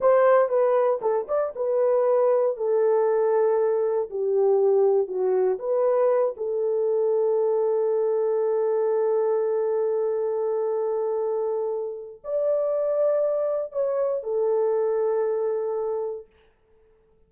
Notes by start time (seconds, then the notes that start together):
0.00 C5
0.48 B4
1.01 A4
1.28 D5
1.55 B4
2.57 A4
4.10 G4
5.07 F#4
5.58 B4
6.36 A4
12.24 D5
13.72 C#5
14.23 A4